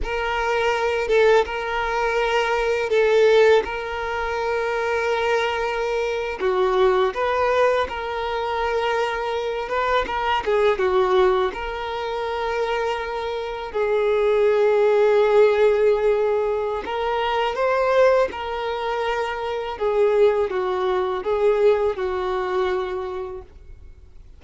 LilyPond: \new Staff \with { instrumentName = "violin" } { \time 4/4 \tempo 4 = 82 ais'4. a'8 ais'2 | a'4 ais'2.~ | ais'8. fis'4 b'4 ais'4~ ais'16~ | ais'4~ ais'16 b'8 ais'8 gis'8 fis'4 ais'16~ |
ais'2~ ais'8. gis'4~ gis'16~ | gis'2. ais'4 | c''4 ais'2 gis'4 | fis'4 gis'4 fis'2 | }